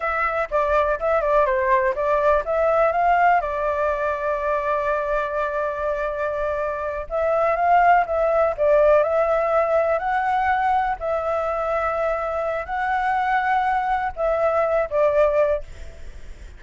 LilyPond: \new Staff \with { instrumentName = "flute" } { \time 4/4 \tempo 4 = 123 e''4 d''4 e''8 d''8 c''4 | d''4 e''4 f''4 d''4~ | d''1~ | d''2~ d''8 e''4 f''8~ |
f''8 e''4 d''4 e''4.~ | e''8 fis''2 e''4.~ | e''2 fis''2~ | fis''4 e''4. d''4. | }